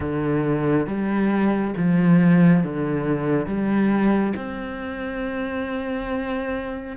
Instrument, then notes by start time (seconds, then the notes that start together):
cello
0.00 D3
0.87 G3
1.76 F3
2.63 D3
3.46 G3
4.36 C4